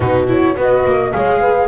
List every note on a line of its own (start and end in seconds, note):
0.00 0.55 B2
0.00 0.27 D#4
0.00 0.56 F#4
0.00 0.26 B4
0.27 0.55 E4
0.27 0.59 C#5
0.56 0.84 B3
0.56 1.12 F#4
0.56 0.99 B4
0.56 1.12 D#5
0.85 1.13 A#3
1.00 1.14 D#5
1.12 1.68 G#3
1.12 1.68 G#4
1.12 1.40 C#5
1.12 1.68 F5
1.40 1.68 B4